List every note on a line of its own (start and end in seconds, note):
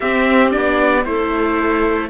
0.00 0.54 C4
0.00 0.51 C4
0.00 1.05 G4
0.00 0.50 E5
0.51 1.05 B3
0.51 1.03 D4
0.51 1.03 D5
1.05 2.10 A3
1.05 2.10 E4
1.05 2.10 A4
1.05 2.10 C5